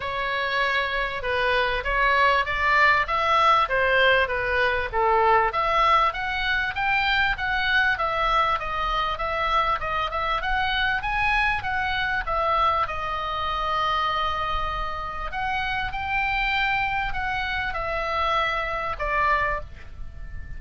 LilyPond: \new Staff \with { instrumentName = "oboe" } { \time 4/4 \tempo 4 = 98 cis''2 b'4 cis''4 | d''4 e''4 c''4 b'4 | a'4 e''4 fis''4 g''4 | fis''4 e''4 dis''4 e''4 |
dis''8 e''8 fis''4 gis''4 fis''4 | e''4 dis''2.~ | dis''4 fis''4 g''2 | fis''4 e''2 d''4 | }